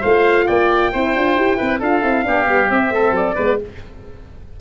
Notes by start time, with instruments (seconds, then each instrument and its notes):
0.00 tuba A3, horn F4, oboe C5, trumpet F5
0.46 tuba A#3, oboe D5, trumpet G5
0.92 tuba C4, horn E4, oboe C5
1.15 tuba D4, horn F4
1.36 tuba E4, horn G4
1.56 tuba C4, horn E4, oboe B4
1.79 tuba D4, horn F4, oboe A4, trumpet F5
2.02 tuba C4, horn E4
2.23 tuba B3, horn D4, oboe G4
2.45 tuba G3, horn B3
2.69 tuba C4, horn C4, trumpet E5
2.91 tuba A3, oboe A4
3.11 tuba F#3, trumpet D5
3.35 tuba G#3, horn B3, oboe B4